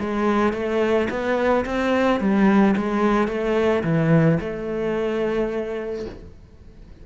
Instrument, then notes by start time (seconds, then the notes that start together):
cello
0.00 G#3
0.53 A3
1.10 B3
1.66 C4
2.20 G3
2.77 G#3
3.28 A3
3.84 E3
4.40 A3